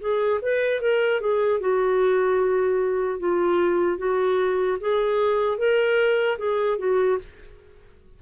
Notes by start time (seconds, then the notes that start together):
0.00 G#4
0.42 B4
0.81 A#4
1.21 G#4
1.60 F#4
3.19 F4
3.97 F#4
4.80 G#4
5.57 A#4
6.38 G#4
6.78 F#4